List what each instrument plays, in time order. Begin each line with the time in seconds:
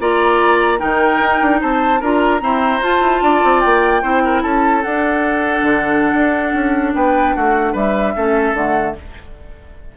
0.00 bassoon A#3, clarinet F4, oboe D5, flute A#5
0.79 bassoon D#3, clarinet D#4, oboe A#4, flute G5
1.21 bassoon D#4
1.42 bassoon D4
1.61 bassoon C4, oboe C5, flute A5
2.01 bassoon D4, clarinet F4, oboe A#4, flute A#5
2.40 clarinet C4, bassoon E4, oboe C5
2.81 bassoon F4, clarinet F4, flute A5
3.00 bassoon E4
3.22 bassoon D4, oboe D5
3.44 bassoon C4
3.61 bassoon A#3, flute G5
4.03 bassoon C4, clarinet E4, oboe C5
4.25 oboe A#4
4.42 bassoon C#4, oboe A4, flute A5
4.83 bassoon D4, clarinet D4, flute F#5
5.63 bassoon D3
6.14 bassoon D4
6.54 bassoon C#4
6.95 bassoon B3, oboe B4, flute G5
7.35 bassoon A3, oboe F#4, flute F#5
7.73 bassoon G3, oboe B4, flute E5
8.16 bassoon A3, clarinet C#4, oboe A4
8.54 bassoon D3, clarinet A3, flute F#5